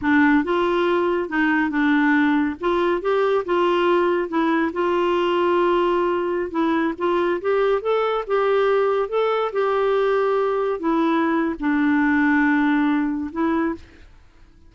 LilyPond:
\new Staff \with { instrumentName = "clarinet" } { \time 4/4 \tempo 4 = 140 d'4 f'2 dis'4 | d'2 f'4 g'4 | f'2 e'4 f'4~ | f'2.~ f'16 e'8.~ |
e'16 f'4 g'4 a'4 g'8.~ | g'4~ g'16 a'4 g'4.~ g'16~ | g'4~ g'16 e'4.~ e'16 d'4~ | d'2. e'4 | }